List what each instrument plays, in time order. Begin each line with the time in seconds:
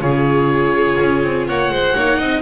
0.00 double bass C#3, viola F4, violin G#4, oboe C#5
1.01 double bass C#4
1.24 double bass C4
1.47 double bass A#3, violin C#5, oboe F#5
1.70 double bass G#3, violin C5
1.95 double bass A#3, viola D#4, violin C#5
2.18 double bass C4, violin D#5